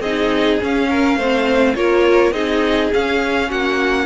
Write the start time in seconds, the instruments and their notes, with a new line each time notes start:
0.00 cello C4, viola D#4, violin G#4 D#5
0.61 viola C#4, cello C#4, violin F5
0.89 violin A#4
1.16 cello A3, viola C4, violin C5
1.75 cello A#3, viola F4, violin A#4 C#5
2.31 cello C4, viola D#4, violin G#4 D#5
2.93 cello C#4, viola C#4, violin F5
3.50 cello A#3, violin F#4 F#5